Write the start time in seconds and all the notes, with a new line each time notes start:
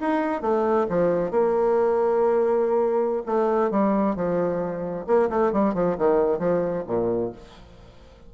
0.00 D#4
0.41 A3
0.89 F3
1.30 A#3
3.26 A3
3.71 G3
4.15 F3
5.06 A#3
5.29 A3
5.52 G3
5.74 F3
5.98 D#3
6.39 F3
6.87 A#2